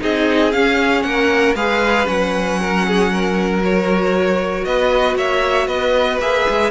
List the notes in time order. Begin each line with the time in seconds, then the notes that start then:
0.00 C4 D#4 G#4 D#5
0.52 C#4 F5
1.03 A#3 A#4 F#5
1.55 G#3 G#4 B4 F5
2.06 F#3 C#4 F#5
2.61 A#4
2.88 G#4
3.12 A#4
3.65 F#4 C#5
4.65 B3 B4 D#5
5.16 A#3 C#5 E5
5.68 B3 B4 D#5
6.21 A#3 G#4 E5
6.50 G#3